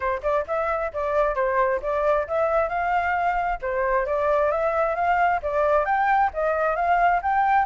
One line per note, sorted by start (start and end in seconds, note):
0.00 0.21 C5
0.23 0.45 D5
0.47 0.92 E5
0.93 1.35 D5
1.35 1.80 C5
1.82 2.27 D5
2.27 2.68 E5
2.68 3.59 F5
3.61 4.06 C5
4.06 4.51 D5
4.51 4.95 E5
4.95 5.40 F5
5.42 5.85 D5
5.85 6.30 G5
6.33 6.75 D#5
6.75 7.20 F5
7.22 7.65 G5